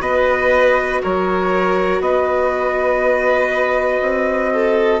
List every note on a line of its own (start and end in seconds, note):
0.00 1.00 B3
0.00 5.00 F#4
0.00 1.01 B4
0.00 1.01 D#5
1.01 2.00 F#3
1.01 2.01 A#4
1.01 2.01 C#5
2.00 4.00 B3
2.00 4.52 B4
2.00 5.00 D#5
4.01 5.00 C4
4.52 5.00 A4